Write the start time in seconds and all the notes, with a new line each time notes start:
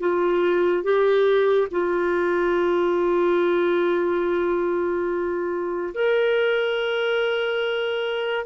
0.00 F4
0.83 G4
1.71 F4
5.94 A#4